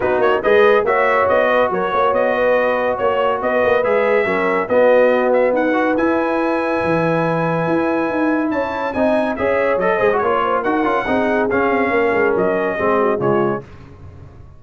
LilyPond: <<
  \new Staff \with { instrumentName = "trumpet" } { \time 4/4 \tempo 4 = 141 b'8 cis''8 dis''4 e''4 dis''4 | cis''4 dis''2 cis''4 | dis''4 e''2 dis''4~ | dis''8 e''8 fis''4 gis''2~ |
gis''1 | a''4 gis''4 e''4 dis''4 | cis''4 fis''2 f''4~ | f''4 dis''2 cis''4 | }
  \new Staff \with { instrumentName = "horn" } { \time 4/4 fis'4 b'4 cis''4. b'8 | ais'8 cis''4 b'4. cis''4 | b'2 ais'4 fis'4~ | fis'4 b'2.~ |
b'1 | cis''4 dis''4 cis''4. c''8 | cis''8 c''8 ais'4 gis'2 | ais'2 gis'8 fis'8 f'4 | }
  \new Staff \with { instrumentName = "trombone" } { \time 4/4 dis'4 gis'4 fis'2~ | fis'1~ | fis'4 gis'4 cis'4 b4~ | b4. fis'8 e'2~ |
e'1~ | e'4 dis'4 gis'4 a'8 gis'16 fis'16 | f'4 fis'8 f'8 dis'4 cis'4~ | cis'2 c'4 gis4 | }
  \new Staff \with { instrumentName = "tuba" } { \time 4/4 b8 ais8 gis4 ais4 b4 | fis8 ais8 b2 ais4 | b8 ais8 gis4 fis4 b4~ | b4 dis'4 e'2 |
e2 e'4 dis'4 | cis'4 c'4 cis'4 fis8 gis8 | ais4 dis'8 cis'8 c'4 cis'8 c'8 | ais8 gis8 fis4 gis4 cis4 | }
>>